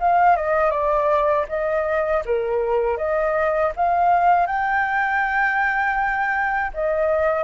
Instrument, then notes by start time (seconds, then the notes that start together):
flute
0.00 F5
0.36 D#5
0.71 D5
1.49 D#5
2.25 A#4
2.98 D#5
3.76 F5
4.47 G5
6.74 D#5